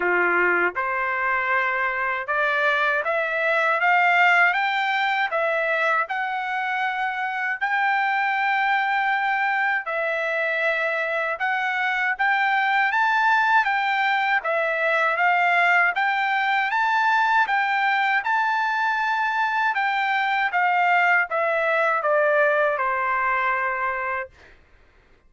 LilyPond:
\new Staff \with { instrumentName = "trumpet" } { \time 4/4 \tempo 4 = 79 f'4 c''2 d''4 | e''4 f''4 g''4 e''4 | fis''2 g''2~ | g''4 e''2 fis''4 |
g''4 a''4 g''4 e''4 | f''4 g''4 a''4 g''4 | a''2 g''4 f''4 | e''4 d''4 c''2 | }